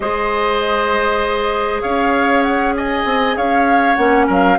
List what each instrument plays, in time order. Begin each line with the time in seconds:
0.00 bassoon G#3, clarinet G#4, oboe C5, flute D#5
1.81 bassoon C#4, oboe C#5, flute F5
2.42 flute F#5
2.76 oboe D#5, flute G#5
3.05 bassoon C4
3.36 bassoon C#4, oboe C#5, flute F5
3.95 bassoon A#3, clarinet C#4, flute F#5
4.26 bassoon F#3, oboe A#4, flute F5